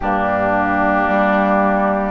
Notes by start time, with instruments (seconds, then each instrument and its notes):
0.00 bassoon G2, clarinet A#3, oboe D4, flute G4
1.08 bassoon G3